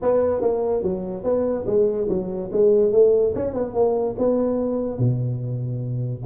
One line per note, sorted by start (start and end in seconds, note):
0.02 0.41 B3
0.41 0.82 A#3
0.82 1.23 F#3
1.23 1.65 B3
1.66 2.08 G#3
2.08 2.50 F#3
2.52 2.92 G#3
2.92 3.33 A3
3.35 3.53 C#4
3.53 3.74 B3
3.74 4.15 A#3
4.18 4.98 B3
4.98 6.23 B2